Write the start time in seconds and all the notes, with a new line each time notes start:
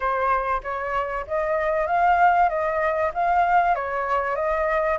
0.00 C5
0.63 C#5
1.27 D#5
1.86 F5
2.49 D#5
3.14 F5
3.75 C#5
4.35 D#5